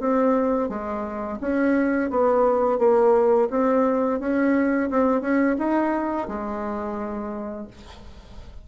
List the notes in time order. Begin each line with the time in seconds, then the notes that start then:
0.00 C4
0.69 G#3
1.41 C#4
2.11 B3
2.79 A#3
3.51 C4
4.21 C#4
4.91 C4
5.22 C#4
5.59 D#4
6.28 G#3